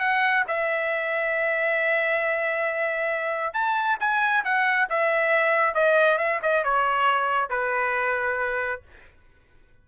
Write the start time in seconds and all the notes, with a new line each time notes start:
0.00 F#5
0.48 E5
3.54 A5
4.00 G#5
4.44 F#5
4.90 E5
5.75 D#5
6.18 E5
6.43 D#5
6.64 C#5
7.50 B4